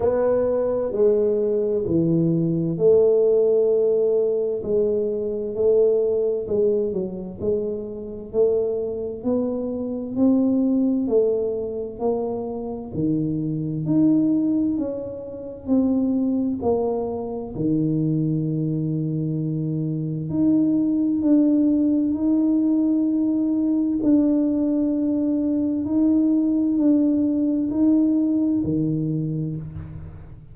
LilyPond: \new Staff \with { instrumentName = "tuba" } { \time 4/4 \tempo 4 = 65 b4 gis4 e4 a4~ | a4 gis4 a4 gis8 fis8 | gis4 a4 b4 c'4 | a4 ais4 dis4 dis'4 |
cis'4 c'4 ais4 dis4~ | dis2 dis'4 d'4 | dis'2 d'2 | dis'4 d'4 dis'4 dis4 | }